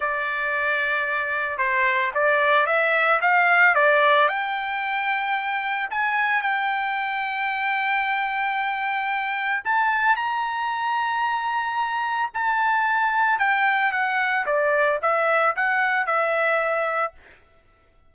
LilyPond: \new Staff \with { instrumentName = "trumpet" } { \time 4/4 \tempo 4 = 112 d''2. c''4 | d''4 e''4 f''4 d''4 | g''2. gis''4 | g''1~ |
g''2 a''4 ais''4~ | ais''2. a''4~ | a''4 g''4 fis''4 d''4 | e''4 fis''4 e''2 | }